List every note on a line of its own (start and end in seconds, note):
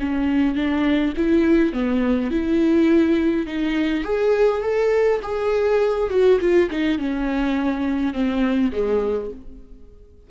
0.00 0.55 C#4
0.55 1.14 D4
1.17 1.73 E4
1.73 2.31 B3
2.31 3.47 E4
3.47 4.04 D#4
4.04 4.62 G#4
4.62 5.21 A4
5.23 6.10 G#4
6.10 6.39 F#4
6.41 6.70 F4
6.71 6.99 D#4
6.99 8.14 C#4
8.14 8.72 C4
8.72 9.31 G#3